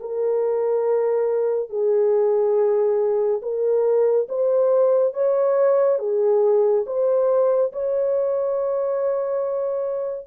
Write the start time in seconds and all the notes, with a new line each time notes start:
0.00 A#4
1.69 G#4
3.42 A#4
4.29 C5
5.14 C#5
5.99 G#4
6.86 C5
7.72 C#5